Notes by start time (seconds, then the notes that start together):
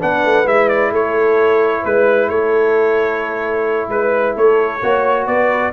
0.00 B3 D4 B4 F#5
0.25 A3
0.46 G#3 E4 E5
0.69 D5
0.91 A3 A4 C#5
1.84 G#3 B4
2.29 A3 A4 C#5
3.89 G#3 B4
4.36 A3 A4 C#5
4.81 A#3 F#4 C#5
5.27 B3 B4 D5